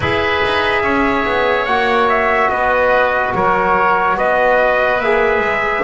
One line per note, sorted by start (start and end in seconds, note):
0.00 0.40 E4
0.00 1.68 G#4
0.00 0.82 B4
0.00 1.65 E5
0.44 0.82 D#4
0.82 1.24 C#4
0.82 2.50 C#5
1.25 1.66 B3
1.65 2.49 A#3
1.65 5.01 F#4
1.65 2.07 F#5
2.09 2.50 E5
2.49 3.33 B3
2.49 3.34 B4
2.49 3.33 D#5
3.34 4.16 F#3
3.34 4.17 A#4
3.34 4.17 C#5
4.16 4.99 B3
4.16 5.83 B4
4.16 5.00 D#5
4.99 5.39 A#3
4.99 5.83 G#4
4.99 5.83 E5
5.39 5.81 G#3